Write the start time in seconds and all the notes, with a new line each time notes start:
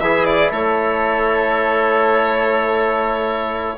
0.00 E3 E4 G#4 E5
0.24 D5
0.51 A3 A4 C#5